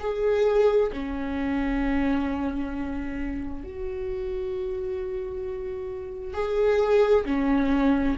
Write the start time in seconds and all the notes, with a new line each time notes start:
0.00 G#4
0.92 C#4
3.64 F#4
6.34 G#4
7.25 C#4